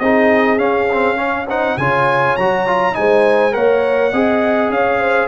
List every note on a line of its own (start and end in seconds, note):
0.00 0.57 C4
0.00 0.58 D#4
0.00 1.18 G#4
0.00 0.59 D#5
0.57 1.75 C#4
0.57 0.88 C#4
0.57 1.47 F5
0.93 1.16 C4
1.16 1.45 C#4
1.16 1.47 C#5
1.49 1.79 D#4
1.49 1.78 C5
1.49 1.78 F#5
1.77 2.36 C#3
1.77 2.39 F4
1.77 2.97 C#5
1.77 2.37 G#5
2.37 2.97 F#3
2.37 2.67 F#4
2.37 2.95 A#5
2.67 2.93 F4
2.93 3.56 G#3
2.93 3.52 D#4
2.93 3.55 C5
2.93 3.54 G#5
3.52 4.13 A#3
3.52 4.11 A#4
3.52 4.13 C#5
3.52 4.71 F#5
4.13 4.70 C4
4.13 5.28 G#4
4.13 4.72 D#5
4.70 5.28 C#4
4.70 5.00 C#5
4.70 5.28 F5
5.00 5.28 C5